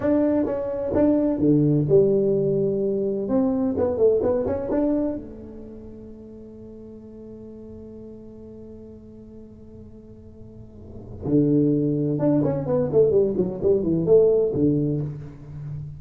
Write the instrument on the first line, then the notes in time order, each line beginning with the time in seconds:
tuba
0.00 D4
0.45 C#4
0.94 D4
1.38 D3
1.88 G3
3.28 C4
3.77 B3
3.97 A3
4.22 B3
4.46 C#4
4.70 D4
5.15 A3
11.25 D3
12.19 D4
12.43 C#4
12.66 B3
12.92 A3
13.10 G3
13.37 F#3
13.62 G3
13.83 E3
14.05 A3
14.54 D3